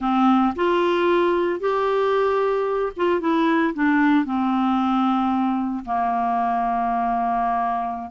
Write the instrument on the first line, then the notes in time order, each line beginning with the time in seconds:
clarinet
0.00 C4
0.55 F4
1.59 G4
2.96 F4
3.20 E4
3.74 D4
4.25 C4
5.85 A#3